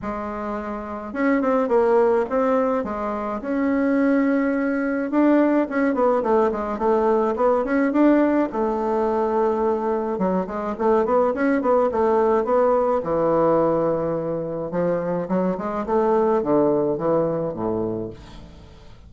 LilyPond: \new Staff \with { instrumentName = "bassoon" } { \time 4/4 \tempo 4 = 106 gis2 cis'8 c'8 ais4 | c'4 gis4 cis'2~ | cis'4 d'4 cis'8 b8 a8 gis8 | a4 b8 cis'8 d'4 a4~ |
a2 fis8 gis8 a8 b8 | cis'8 b8 a4 b4 e4~ | e2 f4 fis8 gis8 | a4 d4 e4 a,4 | }